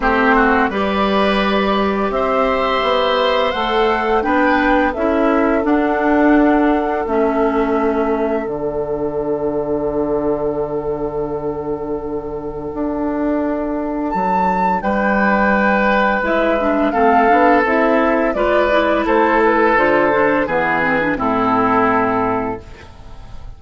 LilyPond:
<<
  \new Staff \with { instrumentName = "flute" } { \time 4/4 \tempo 4 = 85 c''4 d''2 e''4~ | e''4 fis''4 g''4 e''4 | fis''2 e''2 | fis''1~ |
fis''1 | a''4 g''2 e''4 | f''4 e''4 d''4 c''8 b'8 | c''4 b'4 a'2 | }
  \new Staff \with { instrumentName = "oboe" } { \time 4/4 g'8 fis'8 b'2 c''4~ | c''2 b'4 a'4~ | a'1~ | a'1~ |
a'1~ | a'4 b'2. | a'2 b'4 a'4~ | a'4 gis'4 e'2 | }
  \new Staff \with { instrumentName = "clarinet" } { \time 4/4 c'4 g'2.~ | g'4 a'4 d'4 e'4 | d'2 cis'2 | d'1~ |
d'1~ | d'2. e'8 d'8 | c'8 d'8 e'4 f'8 e'4. | f'8 d'8 b8 c'16 d'16 c'2 | }
  \new Staff \with { instrumentName = "bassoon" } { \time 4/4 a4 g2 c'4 | b4 a4 b4 cis'4 | d'2 a2 | d1~ |
d2 d'2 | fis4 g2 gis4 | a8 b8 c'4 gis4 a4 | d4 e4 a,2 | }
>>